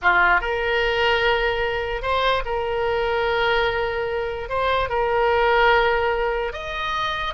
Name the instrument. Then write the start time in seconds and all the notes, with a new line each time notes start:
oboe
0.02 F4
0.40 A#4
2.01 C5
2.45 A#4
4.49 C5
4.89 A#4
6.52 D#5